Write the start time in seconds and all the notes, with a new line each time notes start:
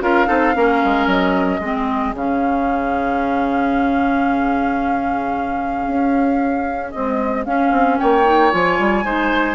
0.00 C#4 F4 A#4 F5
0.26 C4 D#4 A4
0.55 A#3 C#4 A#4
0.84 G#3
1.06 F#3 D#5
1.60 G#3 C4 G#4
2.14 C#3 C#4 F5
5.87 C#4
6.91 G#3 C4 D#5
7.45 C#4 F5
7.71 C4
7.98 A#3 C#5 G5
8.24 D#4
8.51 F3 F4 G#5
8.79 G3
9.04 G#3 D#4 C5